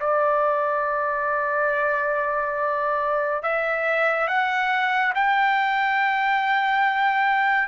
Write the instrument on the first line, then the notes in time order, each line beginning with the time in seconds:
trumpet
0.00 D5
3.42 E5
4.28 F#5
5.15 G5